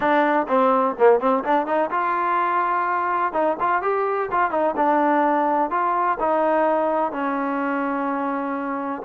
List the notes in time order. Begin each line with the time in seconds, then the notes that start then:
0.00 D4
0.48 C4
0.98 A#3
1.19 C4
1.44 D4
1.66 D#4
1.90 F4
3.32 D#4
3.60 F4
3.82 G4
4.31 F4
4.50 D#4
4.76 D4
5.70 F4
6.19 D#4
7.11 C#4